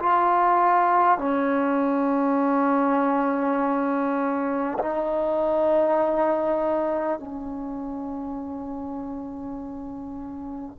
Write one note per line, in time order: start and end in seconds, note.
0.00 1.18 F4
1.18 4.78 C#4
4.79 7.19 D#4
7.19 10.79 C#4